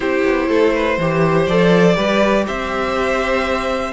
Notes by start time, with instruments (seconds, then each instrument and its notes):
0.00 cello C4, viola E4, violin G4 C5
0.24 cello B3
0.48 cello A3, violin A4
0.73 violin B4
0.97 cello E3, viola G4, violin C5
1.46 cello F3, viola A4, violin D5
1.95 cello G3, viola G4, violin B4
2.47 cello C4, violin C5 E5